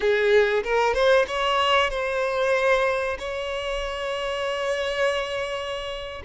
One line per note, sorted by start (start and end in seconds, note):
0.00 0.63 G#4
0.63 0.93 A#4
0.93 1.25 C5
1.27 1.90 C#5
1.90 3.17 C5
3.18 6.21 C#5